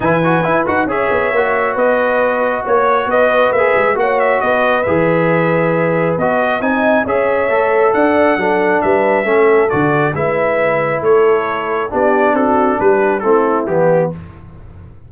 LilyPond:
<<
  \new Staff \with { instrumentName = "trumpet" } { \time 4/4 \tempo 4 = 136 gis''4. fis''8 e''2 | dis''2 cis''4 dis''4 | e''4 fis''8 e''8 dis''4 e''4~ | e''2 dis''4 gis''4 |
e''2 fis''2 | e''2 d''4 e''4~ | e''4 cis''2 d''4 | a'4 b'4 a'4 g'4 | }
  \new Staff \with { instrumentName = "horn" } { \time 4/4 b'2 cis''2 | b'2 cis''4 b'4~ | b'4 cis''4 b'2~ | b'2. dis''4 |
cis''2 d''4 a'4 | b'4 a'2 b'4~ | b'4 a'2 g'4 | fis'4 g'4 e'2 | }
  \new Staff \with { instrumentName = "trombone" } { \time 4/4 e'8 fis'8 e'8 fis'8 gis'4 fis'4~ | fis'1 | gis'4 fis'2 gis'4~ | gis'2 fis'4 dis'4 |
gis'4 a'2 d'4~ | d'4 cis'4 fis'4 e'4~ | e'2. d'4~ | d'2 c'4 b4 | }
  \new Staff \with { instrumentName = "tuba" } { \time 4/4 e4 e'8 dis'8 cis'8 b8 ais4 | b2 ais4 b4 | ais8 gis8 ais4 b4 e4~ | e2 b4 c'4 |
cis'4 a4 d'4 fis4 | g4 a4 d4 gis4~ | gis4 a2 b4 | c'4 g4 a4 e4 | }
>>